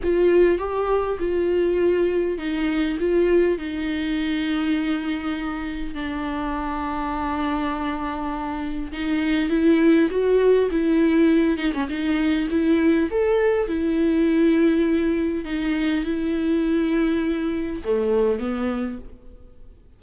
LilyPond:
\new Staff \with { instrumentName = "viola" } { \time 4/4 \tempo 4 = 101 f'4 g'4 f'2 | dis'4 f'4 dis'2~ | dis'2 d'2~ | d'2. dis'4 |
e'4 fis'4 e'4. dis'16 cis'16 | dis'4 e'4 a'4 e'4~ | e'2 dis'4 e'4~ | e'2 a4 b4 | }